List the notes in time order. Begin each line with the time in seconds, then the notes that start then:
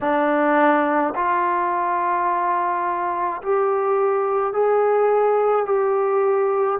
0.00 D4
1.15 F4
3.42 G4
4.53 G#4
5.66 G4